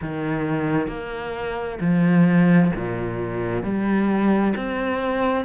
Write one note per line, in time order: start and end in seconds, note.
0.01 0.87 D#3
0.87 1.78 A#3
1.80 2.71 F3
2.75 3.63 A#2
3.63 4.54 G3
4.56 5.45 C4